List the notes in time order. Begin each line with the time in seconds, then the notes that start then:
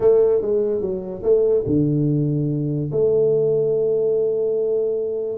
0.00 A3
0.41 G#3
0.81 F#3
1.22 A3
1.66 D3
2.91 A3